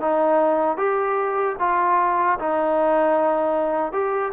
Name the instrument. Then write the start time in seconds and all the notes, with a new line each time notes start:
trombone
0.00 D#4
0.76 G4
1.59 F4
2.39 D#4
3.92 G4